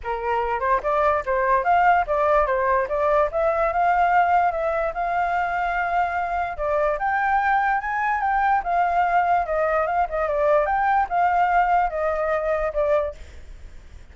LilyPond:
\new Staff \with { instrumentName = "flute" } { \time 4/4 \tempo 4 = 146 ais'4. c''8 d''4 c''4 | f''4 d''4 c''4 d''4 | e''4 f''2 e''4 | f''1 |
d''4 g''2 gis''4 | g''4 f''2 dis''4 | f''8 dis''8 d''4 g''4 f''4~ | f''4 dis''2 d''4 | }